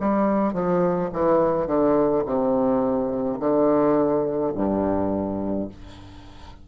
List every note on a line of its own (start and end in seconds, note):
0.00 0.53 G3
0.53 1.10 F3
1.13 1.67 E3
1.67 2.23 D3
2.25 3.39 C3
3.40 4.53 D3
4.54 5.68 G2